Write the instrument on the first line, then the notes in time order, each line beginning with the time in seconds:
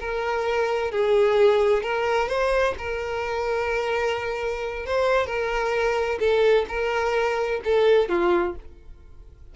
violin
0.00 A#4
0.91 G#4
1.83 A#4
2.28 C5
2.78 A#4
4.86 C5
5.27 A#4
6.19 A4
6.68 A#4
7.64 A4
8.09 F4